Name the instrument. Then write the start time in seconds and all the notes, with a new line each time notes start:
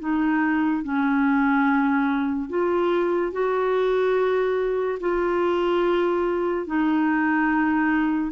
clarinet
0.00 D#4
0.83 C#4
2.50 F4
3.32 F#4
5.00 F4
6.67 D#4